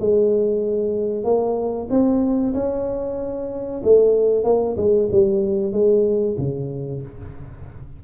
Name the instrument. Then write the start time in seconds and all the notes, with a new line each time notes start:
tuba
0.00 G#3
1.24 A#3
1.90 C4
2.54 C#4
3.83 A3
4.44 A#3
4.76 G#3
5.12 G3
5.72 G#3
6.38 C#3